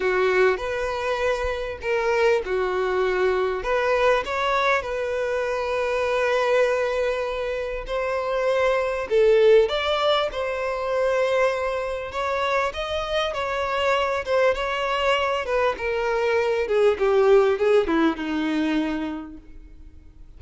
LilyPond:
\new Staff \with { instrumentName = "violin" } { \time 4/4 \tempo 4 = 99 fis'4 b'2 ais'4 | fis'2 b'4 cis''4 | b'1~ | b'4 c''2 a'4 |
d''4 c''2. | cis''4 dis''4 cis''4. c''8 | cis''4. b'8 ais'4. gis'8 | g'4 gis'8 e'8 dis'2 | }